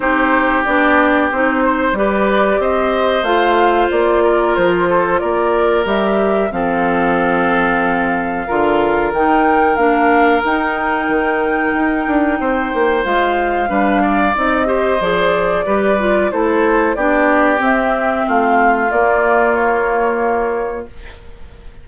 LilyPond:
<<
  \new Staff \with { instrumentName = "flute" } { \time 4/4 \tempo 4 = 92 c''4 d''4 c''4 d''4 | dis''4 f''4 d''4 c''4 | d''4 e''4 f''2~ | f''2 g''4 f''4 |
g''1 | f''2 dis''4 d''4~ | d''4 c''4 d''4 e''4 | f''4 d''4 cis''2 | }
  \new Staff \with { instrumentName = "oboe" } { \time 4/4 g'2~ g'8 c''8 b'4 | c''2~ c''8 ais'4 a'8 | ais'2 a'2~ | a'4 ais'2.~ |
ais'2. c''4~ | c''4 b'8 d''4 c''4. | b'4 a'4 g'2 | f'1 | }
  \new Staff \with { instrumentName = "clarinet" } { \time 4/4 dis'4 d'4 dis'4 g'4~ | g'4 f'2.~ | f'4 g'4 c'2~ | c'4 f'4 dis'4 d'4 |
dis'1 | f'4 d'4 dis'8 g'8 gis'4 | g'8 f'8 e'4 d'4 c'4~ | c'4 ais2. | }
  \new Staff \with { instrumentName = "bassoon" } { \time 4/4 c'4 b4 c'4 g4 | c'4 a4 ais4 f4 | ais4 g4 f2~ | f4 d4 dis4 ais4 |
dis'4 dis4 dis'8 d'8 c'8 ais8 | gis4 g4 c'4 f4 | g4 a4 b4 c'4 | a4 ais2. | }
>>